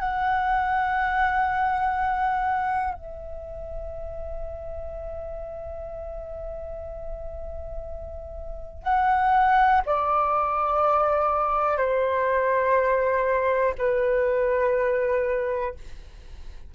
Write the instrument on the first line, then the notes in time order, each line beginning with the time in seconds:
flute
0.00 F#5
2.94 E5
8.83 F#5
9.86 D5
11.78 C5
13.78 B4